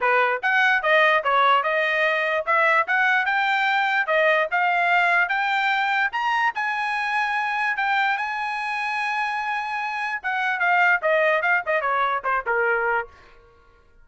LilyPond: \new Staff \with { instrumentName = "trumpet" } { \time 4/4 \tempo 4 = 147 b'4 fis''4 dis''4 cis''4 | dis''2 e''4 fis''4 | g''2 dis''4 f''4~ | f''4 g''2 ais''4 |
gis''2. g''4 | gis''1~ | gis''4 fis''4 f''4 dis''4 | f''8 dis''8 cis''4 c''8 ais'4. | }